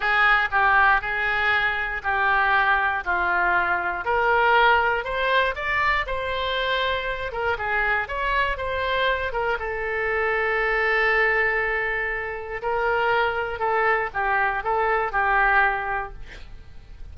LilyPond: \new Staff \with { instrumentName = "oboe" } { \time 4/4 \tempo 4 = 119 gis'4 g'4 gis'2 | g'2 f'2 | ais'2 c''4 d''4 | c''2~ c''8 ais'8 gis'4 |
cis''4 c''4. ais'8 a'4~ | a'1~ | a'4 ais'2 a'4 | g'4 a'4 g'2 | }